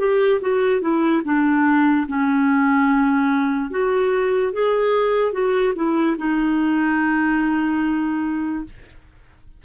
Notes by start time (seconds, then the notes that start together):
0.00 G4
0.41 F#4
0.81 E4
1.25 D4
2.08 C#4
3.71 F#4
4.53 G#4
5.33 F#4
5.76 E4
6.18 D#4